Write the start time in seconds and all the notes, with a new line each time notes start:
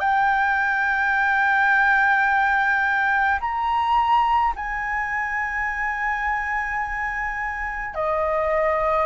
0.00 G5
3.41 A#5
4.56 G#5
7.95 D#5